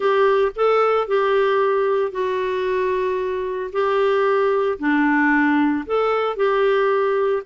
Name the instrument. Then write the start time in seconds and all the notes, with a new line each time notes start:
clarinet
0.00 G4
0.55 A4
1.07 G4
2.11 F#4
3.72 G4
4.78 D4
5.86 A4
6.36 G4